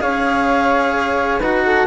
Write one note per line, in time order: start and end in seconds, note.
0.00 1.40 C#4
0.00 1.40 G#4
0.00 1.39 C#5
0.00 1.40 F5
1.39 1.86 D#4
1.39 1.86 F#4
1.39 1.63 B4
1.39 1.86 F#5
1.66 1.86 A4